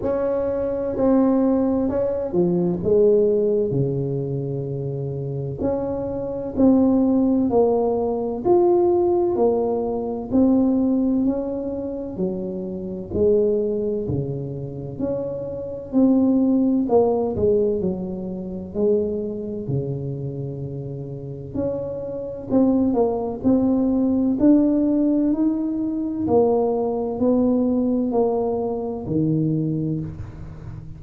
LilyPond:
\new Staff \with { instrumentName = "tuba" } { \time 4/4 \tempo 4 = 64 cis'4 c'4 cis'8 f8 gis4 | cis2 cis'4 c'4 | ais4 f'4 ais4 c'4 | cis'4 fis4 gis4 cis4 |
cis'4 c'4 ais8 gis8 fis4 | gis4 cis2 cis'4 | c'8 ais8 c'4 d'4 dis'4 | ais4 b4 ais4 dis4 | }